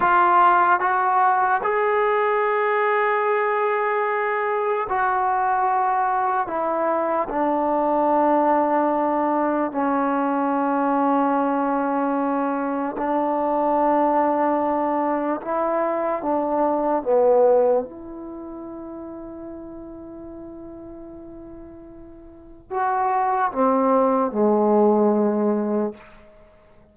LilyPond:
\new Staff \with { instrumentName = "trombone" } { \time 4/4 \tempo 4 = 74 f'4 fis'4 gis'2~ | gis'2 fis'2 | e'4 d'2. | cis'1 |
d'2. e'4 | d'4 b4 e'2~ | e'1 | fis'4 c'4 gis2 | }